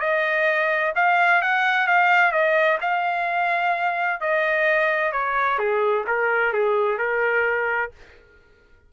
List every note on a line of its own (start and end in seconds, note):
0.00 0.93 D#5
0.95 1.41 F5
1.41 1.87 F#5
1.87 2.32 F5
2.32 2.78 D#5
2.81 4.20 F5
4.20 5.12 D#5
5.12 5.58 C#5
5.58 6.05 G#4
6.07 6.53 A#4
6.53 6.98 G#4
6.98 7.91 A#4